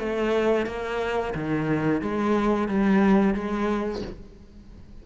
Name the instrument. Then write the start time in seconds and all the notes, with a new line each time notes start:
cello
0.00 A3
0.67 A#3
1.35 D#3
2.02 G#3
2.68 G3
3.35 G#3